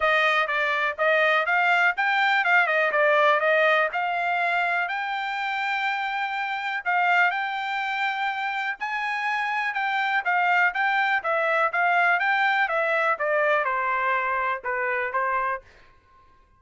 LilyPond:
\new Staff \with { instrumentName = "trumpet" } { \time 4/4 \tempo 4 = 123 dis''4 d''4 dis''4 f''4 | g''4 f''8 dis''8 d''4 dis''4 | f''2 g''2~ | g''2 f''4 g''4~ |
g''2 gis''2 | g''4 f''4 g''4 e''4 | f''4 g''4 e''4 d''4 | c''2 b'4 c''4 | }